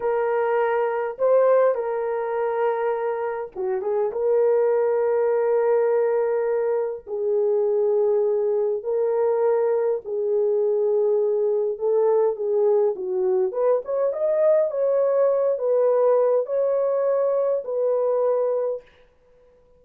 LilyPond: \new Staff \with { instrumentName = "horn" } { \time 4/4 \tempo 4 = 102 ais'2 c''4 ais'4~ | ais'2 fis'8 gis'8 ais'4~ | ais'1 | gis'2. ais'4~ |
ais'4 gis'2. | a'4 gis'4 fis'4 b'8 cis''8 | dis''4 cis''4. b'4. | cis''2 b'2 | }